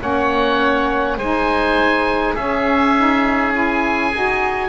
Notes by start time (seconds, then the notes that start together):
0.00 A#3 C#4 C#5 F#5
1.17 G#3 D#4 C5 G#5
2.34 C#4 G#4 E5
2.97 D#4
3.53 E4 G#5
4.13 D#4 F#4